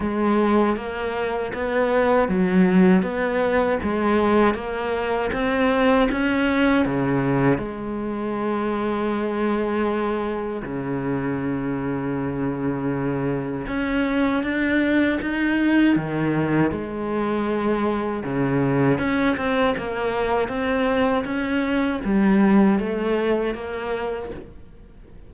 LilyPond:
\new Staff \with { instrumentName = "cello" } { \time 4/4 \tempo 4 = 79 gis4 ais4 b4 fis4 | b4 gis4 ais4 c'4 | cis'4 cis4 gis2~ | gis2 cis2~ |
cis2 cis'4 d'4 | dis'4 dis4 gis2 | cis4 cis'8 c'8 ais4 c'4 | cis'4 g4 a4 ais4 | }